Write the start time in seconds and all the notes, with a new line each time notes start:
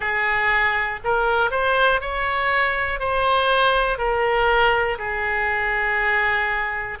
0.00 G#4
1.04 A#4
1.50 C5
2.00 C#5
3.00 C5
3.98 A#4
4.98 G#4